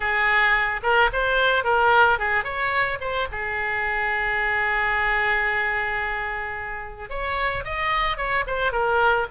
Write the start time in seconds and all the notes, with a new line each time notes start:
0.00 G#4
0.82 A#4
1.12 C5
1.64 A#4
2.18 G#4
2.44 C#5
3.00 C5
3.31 G#4
7.09 C#5
7.64 D#5
8.17 C#5
8.46 C5
8.72 A#4